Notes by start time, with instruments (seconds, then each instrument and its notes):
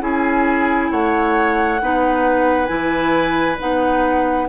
0.00 bassoon C#4, clarinet E4, oboe G#4, flute G#5
0.91 bassoon A3, oboe C#5, flute F#5
1.81 bassoon B3, clarinet D#4, oboe B4
2.66 bassoon E3, clarinet E4, flute G#5
3.59 bassoon B3, clarinet D#4, flute F#5